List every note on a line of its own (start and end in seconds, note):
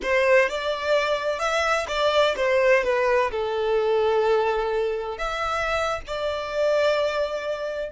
0.02 0.49 C5
0.49 1.39 D5
1.39 1.86 E5
1.87 2.35 D5
2.36 2.83 C5
2.83 3.30 B4
3.31 5.18 A4
5.18 6.00 E5
6.06 7.92 D5